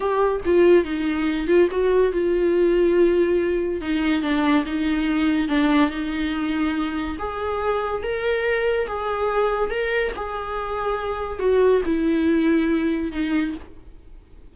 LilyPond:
\new Staff \with { instrumentName = "viola" } { \time 4/4 \tempo 4 = 142 g'4 f'4 dis'4. f'8 | fis'4 f'2.~ | f'4 dis'4 d'4 dis'4~ | dis'4 d'4 dis'2~ |
dis'4 gis'2 ais'4~ | ais'4 gis'2 ais'4 | gis'2. fis'4 | e'2. dis'4 | }